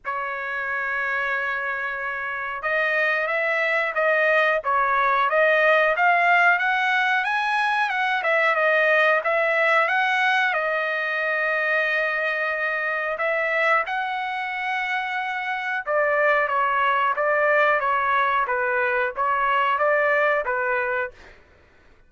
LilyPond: \new Staff \with { instrumentName = "trumpet" } { \time 4/4 \tempo 4 = 91 cis''1 | dis''4 e''4 dis''4 cis''4 | dis''4 f''4 fis''4 gis''4 | fis''8 e''8 dis''4 e''4 fis''4 |
dis''1 | e''4 fis''2. | d''4 cis''4 d''4 cis''4 | b'4 cis''4 d''4 b'4 | }